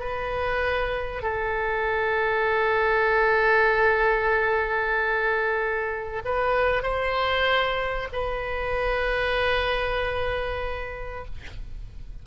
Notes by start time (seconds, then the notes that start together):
0.00 B4
1.23 A4
6.25 B4
6.83 C5
8.13 B4